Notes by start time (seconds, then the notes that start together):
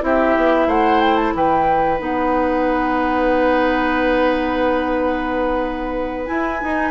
0.00 C4 E4 G4 E5
0.36 B3
0.67 A3 C5 F#5
1.00 G5
1.17 A5
1.34 E3 B4 G5
1.98 B3 D#4 F#5
6.26 E4 G#5
6.60 D#4